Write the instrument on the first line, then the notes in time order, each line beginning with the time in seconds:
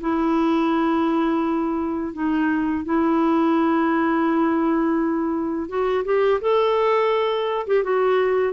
clarinet
0.00 E4
2.13 D#4
2.84 E4
5.68 F#4
6.05 G4
6.41 A4
7.66 G4
7.83 F#4